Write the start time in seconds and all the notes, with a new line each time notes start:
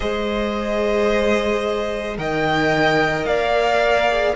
0.00 G#3 G#4 C5 D#5
2.16 D#3 A#4 D#5 G5
3.25 A#3 D5 F5
4.08 G#4